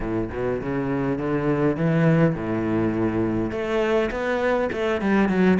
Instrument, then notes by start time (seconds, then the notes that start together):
cello
0.00 A2
0.31 B2
0.61 C#3
1.18 D3
1.76 E3
2.35 A2
3.51 A3
4.10 B3
4.72 A3
5.01 G3
5.28 F#3